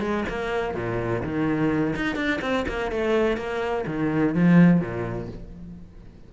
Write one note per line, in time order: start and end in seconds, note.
0.00 0.24 G#3
0.29 0.74 A#3
0.74 1.22 A#2
1.23 1.95 D#3
1.95 2.16 D#4
2.16 2.40 D4
2.41 2.65 C4
2.68 2.91 A#3
2.91 3.37 A3
3.37 3.85 A#3
3.86 4.34 D#3
4.35 4.80 F3
4.80 5.28 A#2